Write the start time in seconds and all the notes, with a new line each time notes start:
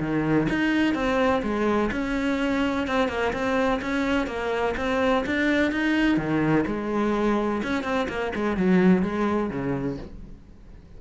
0.00 D#3
0.49 D#4
0.94 C4
1.43 G#3
1.92 C#4
2.87 C4
3.08 A#3
3.33 C4
3.82 C#4
4.27 A#3
4.77 C4
5.26 D4
5.72 D#4
6.17 D#3
6.67 G#3
7.63 C#4
7.84 C4
8.09 A#3
8.35 G#3
8.57 F#3
9.03 G#3
9.50 C#3